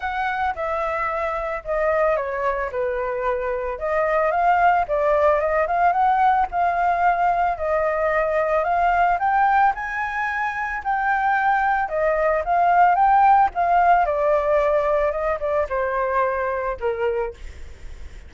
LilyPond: \new Staff \with { instrumentName = "flute" } { \time 4/4 \tempo 4 = 111 fis''4 e''2 dis''4 | cis''4 b'2 dis''4 | f''4 d''4 dis''8 f''8 fis''4 | f''2 dis''2 |
f''4 g''4 gis''2 | g''2 dis''4 f''4 | g''4 f''4 d''2 | dis''8 d''8 c''2 ais'4 | }